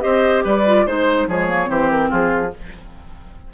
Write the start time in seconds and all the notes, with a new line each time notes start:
0.00 C4 G4 C5 D#5
0.44 G3 B4 D5
0.66 F4
0.86 G#3 D#4 C5
1.27 F3 G#3 G#4 C#5
1.48 A#3
1.65 E3 C4 G4 C5
1.90 A#4
2.10 F3 F4 G#4